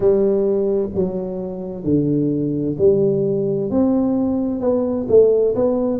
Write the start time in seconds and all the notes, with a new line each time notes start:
0.00 G3
0.94 F#3
1.83 D3
2.77 G3
3.70 C4
4.60 B3
5.08 A3
5.55 B3